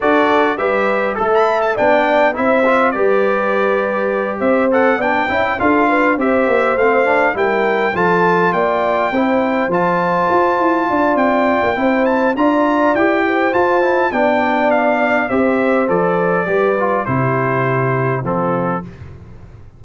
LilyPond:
<<
  \new Staff \with { instrumentName = "trumpet" } { \time 4/4 \tempo 4 = 102 d''4 e''4 a'16 b''8 a''16 g''4 | e''4 d''2~ d''8 e''8 | fis''8 g''4 f''4 e''4 f''8~ | f''8 g''4 a''4 g''4.~ |
g''8 a''2~ a''8 g''4~ | g''8 a''8 ais''4 g''4 a''4 | g''4 f''4 e''4 d''4~ | d''4 c''2 a'4 | }
  \new Staff \with { instrumentName = "horn" } { \time 4/4 a'4 b'4 e''4 d''4 | c''4 b'2~ b'8 c''8~ | c''8 d''8 e''8 a'8 b'8 c''4.~ | c''8 ais'4 a'4 d''4 c''8~ |
c''2~ c''8 d''4. | c''4 d''4. c''4. | d''2 c''2 | b'4 g'2 f'4 | }
  \new Staff \with { instrumentName = "trombone" } { \time 4/4 fis'4 g'4 a'4 d'4 | e'8 f'8 g'2. | a'8 d'8 e'8 f'4 g'4 c'8 | d'8 e'4 f'2 e'8~ |
e'8 f'2.~ f'8 | e'4 f'4 g'4 f'8 e'8 | d'2 g'4 a'4 | g'8 f'8 e'2 c'4 | }
  \new Staff \with { instrumentName = "tuba" } { \time 4/4 d'4 g4 a4 b4 | c'4 g2~ g8 c'8~ | c'8 b8 cis'8 d'4 c'8 ais8 a8~ | a8 g4 f4 ais4 c'8~ |
c'8 f4 f'8 e'8 d'8 c'8. ais16 | c'4 d'4 e'4 f'4 | b2 c'4 f4 | g4 c2 f4 | }
>>